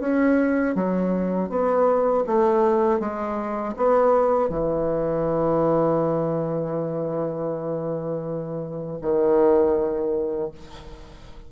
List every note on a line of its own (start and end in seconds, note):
0.00 0.75 C#4
0.75 1.50 F#3
1.50 2.25 B3
2.27 3.00 A3
3.00 3.75 G#3
3.77 4.50 B3
4.50 9.00 E3
9.02 10.52 D#3